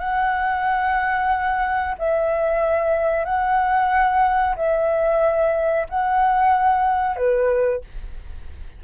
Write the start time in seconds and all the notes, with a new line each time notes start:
0.00 F#5
1.99 E5
3.25 F#5
4.57 E5
5.90 F#5
7.17 B4